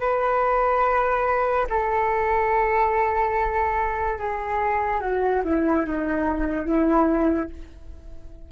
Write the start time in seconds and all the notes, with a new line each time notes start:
0.00 B4
1.69 A4
4.18 G#4
5.00 F#4
5.44 E4
5.86 D#4
6.66 E4